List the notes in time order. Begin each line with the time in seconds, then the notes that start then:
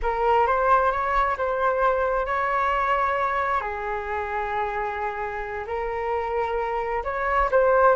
0.02 A#4
0.46 C5
0.91 C#5
1.37 C5
2.25 C#5
3.60 G#4
5.67 A#4
7.04 C#5
7.51 C5